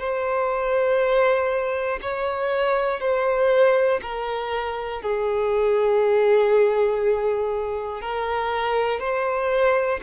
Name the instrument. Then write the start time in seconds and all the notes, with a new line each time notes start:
violin
0.00 C5
2.02 C#5
3.01 C5
4.02 A#4
5.02 G#4
8.02 A#4
9.00 C5